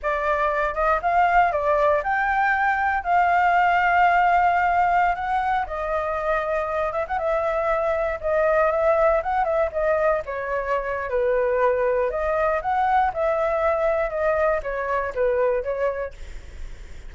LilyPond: \new Staff \with { instrumentName = "flute" } { \time 4/4 \tempo 4 = 119 d''4. dis''8 f''4 d''4 | g''2 f''2~ | f''2~ f''16 fis''4 dis''8.~ | dis''4.~ dis''16 e''16 fis''16 e''4.~ e''16~ |
e''16 dis''4 e''4 fis''8 e''8 dis''8.~ | dis''16 cis''4.~ cis''16 b'2 | dis''4 fis''4 e''2 | dis''4 cis''4 b'4 cis''4 | }